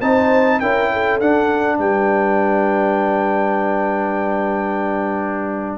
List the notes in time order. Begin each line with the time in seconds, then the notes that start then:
0.00 C4 D#4 C5 A5
0.60 C#4 E4 A#4 G5
0.93 A4
1.20 D4 F#5
1.78 G3 B4 G5